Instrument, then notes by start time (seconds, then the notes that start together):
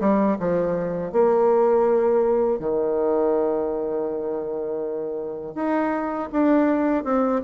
bassoon
0.00 G3
0.39 F3
1.12 A#3
2.59 D#3
5.55 D#4
6.32 D4
7.04 C4